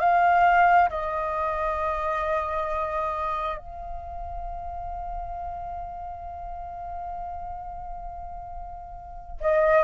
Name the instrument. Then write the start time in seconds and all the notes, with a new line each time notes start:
flute
0.00 F5
0.90 D#5
3.58 F5
9.41 D#5